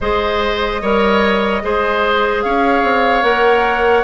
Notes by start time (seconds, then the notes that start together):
0.00 G#3 G#4 C5 D#5
0.81 G3 A#4 C#5
1.62 G#3 G#4 C5
2.42 C#4 C#5 F5
2.82 C4
3.22 A#3 A#4 F#5